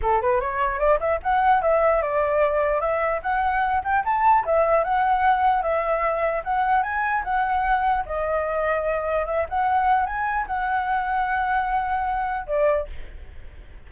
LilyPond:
\new Staff \with { instrumentName = "flute" } { \time 4/4 \tempo 4 = 149 a'8 b'8 cis''4 d''8 e''8 fis''4 | e''4 d''2 e''4 | fis''4. g''8 a''4 e''4 | fis''2 e''2 |
fis''4 gis''4 fis''2 | dis''2. e''8 fis''8~ | fis''4 gis''4 fis''2~ | fis''2. d''4 | }